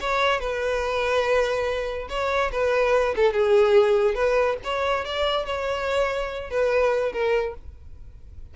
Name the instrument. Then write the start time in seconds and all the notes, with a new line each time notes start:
violin
0.00 C#5
0.40 B4
2.09 C#5
2.52 B4
3.16 A4
3.32 G#4
4.15 B4
4.64 C#5
5.04 D5
5.46 C#5
6.50 B4
7.12 A#4